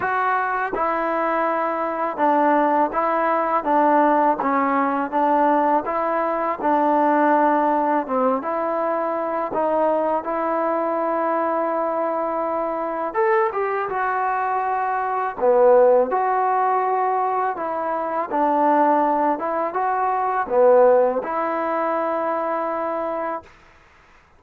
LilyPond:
\new Staff \with { instrumentName = "trombone" } { \time 4/4 \tempo 4 = 82 fis'4 e'2 d'4 | e'4 d'4 cis'4 d'4 | e'4 d'2 c'8 e'8~ | e'4 dis'4 e'2~ |
e'2 a'8 g'8 fis'4~ | fis'4 b4 fis'2 | e'4 d'4. e'8 fis'4 | b4 e'2. | }